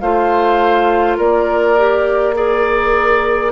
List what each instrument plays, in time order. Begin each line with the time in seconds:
0.00 bassoon A3, clarinet F4, oboe C5, flute F5
1.17 bassoon A#3, oboe A#4, flute D5
1.78 clarinet G4
2.35 clarinet G#4, flute A#4, oboe D5